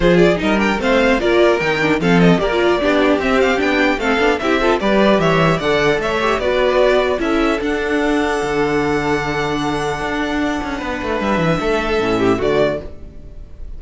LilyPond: <<
  \new Staff \with { instrumentName = "violin" } { \time 4/4 \tempo 4 = 150 c''8 d''8 dis''8 g''8 f''4 d''4 | g''4 f''8 dis''8 d''2 | e''8 f''8 g''4 f''4 e''4 | d''4 e''4 fis''4 e''4 |
d''2 e''4 fis''4~ | fis''1~ | fis''1 | e''2. d''4 | }
  \new Staff \with { instrumentName = "violin" } { \time 4/4 gis'4 ais'4 c''4 ais'4~ | ais'4 a'4 ais'4 g'4~ | g'2 a'4 g'8 a'8 | b'4 cis''4 d''4 cis''4 |
b'2 a'2~ | a'1~ | a'2. b'4~ | b'4 a'4. g'8 fis'4 | }
  \new Staff \with { instrumentName = "viola" } { \time 4/4 f'4 dis'8 d'8 c'4 f'4 | dis'8 d'8 c'4 g'16 f'8. d'4 | c'4 d'4 c'8 d'8 e'8 f'8 | g'2 a'4. g'8 |
fis'2 e'4 d'4~ | d'1~ | d'1~ | d'2 cis'4 a4 | }
  \new Staff \with { instrumentName = "cello" } { \time 4/4 f4 g4 a4 ais4 | dis4 f4 ais4 b4 | c'4 b4 a8 b8 c'4 | g4 e4 d4 a4 |
b2 cis'4 d'4~ | d'4 d2.~ | d4 d'4. cis'8 b8 a8 | g8 e8 a4 a,4 d4 | }
>>